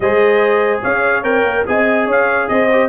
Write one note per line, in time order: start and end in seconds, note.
0.00 0.82 G#3
0.00 1.23 G#4
0.00 0.82 C5
0.00 0.80 D#5
0.82 1.23 C#4
0.82 1.65 C#5
0.82 1.23 F5
1.23 1.43 C4
1.23 1.65 A#4
1.23 1.64 G5
1.43 1.64 A#3
1.66 2.06 C4
1.66 2.70 G#4
1.66 2.06 D#5
1.66 2.09 G#5
2.06 2.48 C#4
2.06 2.47 C#5
2.06 2.48 F5
2.48 2.88 C4
2.48 2.88 C5
2.48 2.88 D#5
2.71 2.88 G4